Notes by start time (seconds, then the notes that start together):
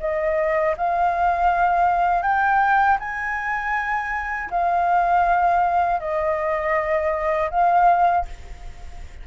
0.00 D#5
0.77 F5
2.22 G5
3.00 G#5
4.50 F5
6.00 D#5
7.50 F5